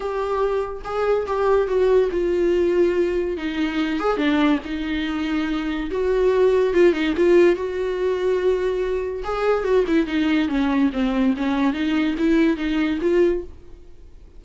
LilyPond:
\new Staff \with { instrumentName = "viola" } { \time 4/4 \tempo 4 = 143 g'2 gis'4 g'4 | fis'4 f'2. | dis'4. gis'8 d'4 dis'4~ | dis'2 fis'2 |
f'8 dis'8 f'4 fis'2~ | fis'2 gis'4 fis'8 e'8 | dis'4 cis'4 c'4 cis'4 | dis'4 e'4 dis'4 f'4 | }